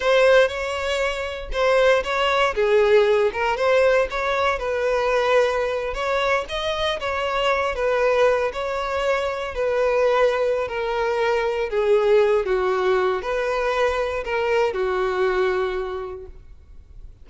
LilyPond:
\new Staff \with { instrumentName = "violin" } { \time 4/4 \tempo 4 = 118 c''4 cis''2 c''4 | cis''4 gis'4. ais'8 c''4 | cis''4 b'2~ b'8. cis''16~ | cis''8. dis''4 cis''4. b'8.~ |
b'8. cis''2 b'4~ b'16~ | b'4 ais'2 gis'4~ | gis'8 fis'4. b'2 | ais'4 fis'2. | }